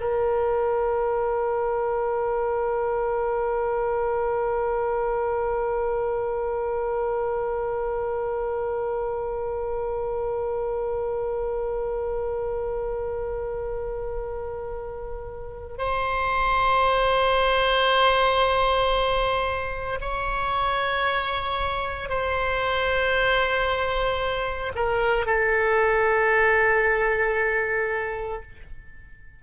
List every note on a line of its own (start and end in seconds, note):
0.00 15.78 A#4
15.78 19.99 C5
20.00 22.09 C#5
22.09 24.72 C5
24.75 25.26 A#4
25.26 28.42 A4